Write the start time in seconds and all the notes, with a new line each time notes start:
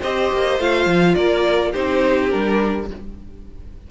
0.00 C4 G4 C5 D#5
0.33 A#3
0.59 A3 F4 F5
0.86 F3
1.15 A#3 A#4 D5
1.71 C4 D#4 G4 C5
2.30 G3 D4 A#4